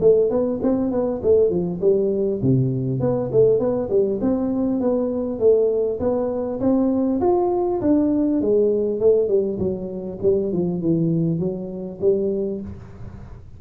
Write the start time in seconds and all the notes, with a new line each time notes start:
0.00 A3
0.30 B3
0.62 C4
0.91 B3
1.22 A3
1.50 F3
1.80 G3
2.42 C3
3.00 B3
3.32 A3
3.59 B3
3.89 G3
4.21 C4
4.80 B3
5.39 A3
5.99 B3
6.60 C4
7.20 F4
7.81 D4
8.41 G#3
9.00 A3
9.28 G3
9.58 F#3
10.22 G3
10.52 F3
10.81 E3
11.39 F#3
12.01 G3